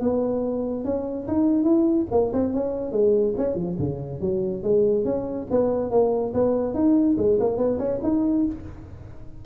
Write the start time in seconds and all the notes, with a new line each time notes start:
0.00 B3
0.85 C#4
1.27 D#4
1.63 E4
2.11 A#3
2.33 C4
2.53 C#4
2.92 G#3
3.37 C#4
3.55 F3
3.79 C#3
4.20 F#3
4.63 G#3
5.05 C#4
5.50 B3
5.90 A#3
6.34 B3
6.74 D#4
7.18 G#3
7.40 A#3
7.57 B3
7.79 C#4
8.03 D#4